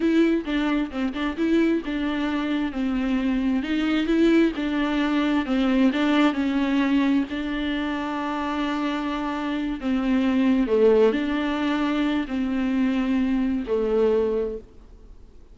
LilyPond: \new Staff \with { instrumentName = "viola" } { \time 4/4 \tempo 4 = 132 e'4 d'4 c'8 d'8 e'4 | d'2 c'2 | dis'4 e'4 d'2 | c'4 d'4 cis'2 |
d'1~ | d'4. c'2 a8~ | a8 d'2~ d'8 c'4~ | c'2 a2 | }